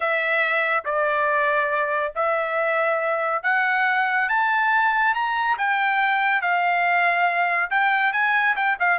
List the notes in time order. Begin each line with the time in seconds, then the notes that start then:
0.00 E5
0.84 D5
2.15 E5
3.43 F#5
4.29 A5
5.14 A#5
5.57 G5
6.41 F5
7.70 G5
8.12 G#5
8.56 G5
8.79 F5